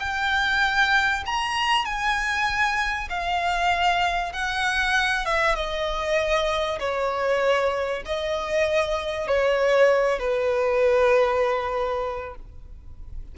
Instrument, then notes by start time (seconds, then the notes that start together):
violin
0.00 G5
1.26 A#5
1.85 G#5
3.10 F5
4.33 F#5
5.25 E5
5.55 D#5
6.80 C#5
8.06 D#5
9.27 C#5
10.19 B4